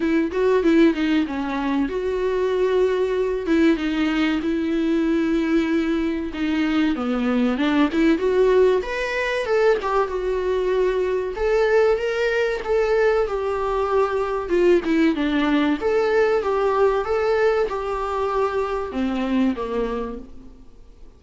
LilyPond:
\new Staff \with { instrumentName = "viola" } { \time 4/4 \tempo 4 = 95 e'8 fis'8 e'8 dis'8 cis'4 fis'4~ | fis'4. e'8 dis'4 e'4~ | e'2 dis'4 b4 | d'8 e'8 fis'4 b'4 a'8 g'8 |
fis'2 a'4 ais'4 | a'4 g'2 f'8 e'8 | d'4 a'4 g'4 a'4 | g'2 c'4 ais4 | }